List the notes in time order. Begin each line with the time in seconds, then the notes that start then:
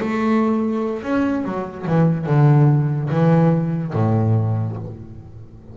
0.00 A3
1.03 C#4
1.44 F#3
1.86 E3
2.26 D3
3.10 E3
3.93 A2